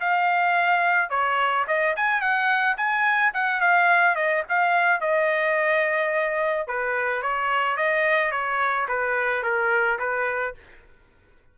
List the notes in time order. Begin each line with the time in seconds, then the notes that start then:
0.00 F5
1.10 C#5
1.67 D#5
1.96 G#5
2.21 F#5
2.77 G#5
3.34 F#5
3.60 F5
4.15 D#5
4.49 F5
5.01 D#5
6.67 B4
7.22 C#5
7.77 D#5
8.31 C#5
8.88 B4
9.43 A#4
9.99 B4